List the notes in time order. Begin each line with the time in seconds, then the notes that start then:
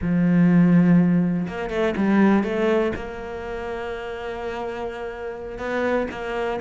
0.01 F3
1.48 A#3
1.70 A3
1.96 G3
2.43 A3
2.95 A#3
5.58 B3
6.11 A#3